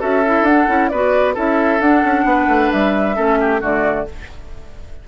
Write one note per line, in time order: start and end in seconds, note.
0.00 0.42 C#4
0.00 0.23 F#4
0.00 0.90 A4
0.00 0.46 E5
0.26 0.47 E4
0.42 0.64 D4
0.42 0.68 D4
0.42 0.89 F#5
0.68 0.91 C#4
0.68 0.91 E4
0.89 1.36 B3
0.89 1.35 F#4
0.89 1.34 B4
0.89 1.34 D5
1.34 1.80 C#4
1.34 1.80 E4
1.34 2.25 A4
1.34 1.81 E5
1.80 2.03 D4
1.80 3.15 D4
1.80 2.72 F#5
2.04 2.24 C#4
2.24 2.47 B3
2.24 3.16 B4
2.48 2.70 A3
2.72 3.18 G3
2.72 3.62 E5
3.15 3.62 A3
3.15 3.60 C#4
3.15 3.38 A4
3.41 3.61 G4
3.61 4.07 D3
3.61 4.06 A3
3.61 4.06 F#4
3.61 4.08 D5